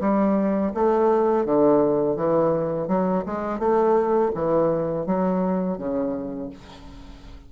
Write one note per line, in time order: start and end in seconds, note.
0.00 0.72 G3
0.74 1.45 A3
1.45 2.16 D3
2.16 2.88 E3
2.88 3.24 F#3
3.26 3.59 G#3
3.59 4.31 A3
4.35 5.06 E3
5.06 5.78 F#3
5.78 6.50 C#3